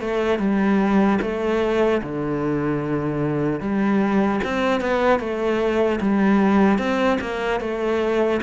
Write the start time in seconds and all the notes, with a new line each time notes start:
0.00 A3
0.39 G3
1.21 A3
2.02 D3
3.60 G3
4.44 C4
4.80 B3
5.19 A3
6.00 G3
6.78 C4
7.20 A#3
7.60 A3